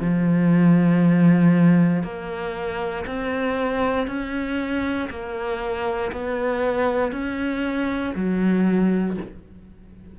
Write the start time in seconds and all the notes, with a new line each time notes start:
0.00 F3
2.04 A#3
3.07 C4
4.08 C#4
5.10 A#3
6.12 B3
7.12 C#4
8.16 F#3